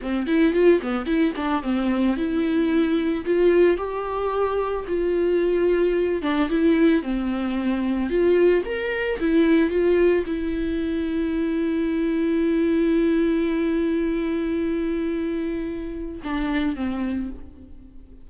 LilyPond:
\new Staff \with { instrumentName = "viola" } { \time 4/4 \tempo 4 = 111 c'8 e'8 f'8 b8 e'8 d'8 c'4 | e'2 f'4 g'4~ | g'4 f'2~ f'8 d'8 | e'4 c'2 f'4 |
ais'4 e'4 f'4 e'4~ | e'1~ | e'1~ | e'2 d'4 c'4 | }